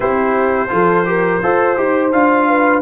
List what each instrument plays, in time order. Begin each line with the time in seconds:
0.00 tuba C4, trombone E4, horn G4, trumpet C5
0.69 tuba F3, trombone F4, horn A4
1.05 trombone G4, horn A#4
1.41 tuba F4, trombone A4, horn C5
1.76 tuba D#4, trombone G4
2.11 tuba D4, trombone F4, trumpet F5
2.47 horn B4